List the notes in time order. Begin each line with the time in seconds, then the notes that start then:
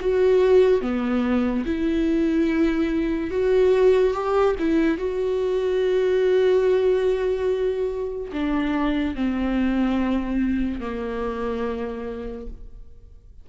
0.00 F#4
0.81 B3
1.65 E4
3.30 F#4
4.14 G4
4.59 E4
4.98 F#4
8.32 D4
9.15 C4
10.80 A#3